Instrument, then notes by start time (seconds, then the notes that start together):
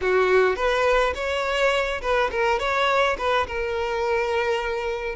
violin
0.01 F#4
0.56 B4
1.14 C#5
2.01 B4
2.31 A#4
2.59 C#5
3.18 B4
3.47 A#4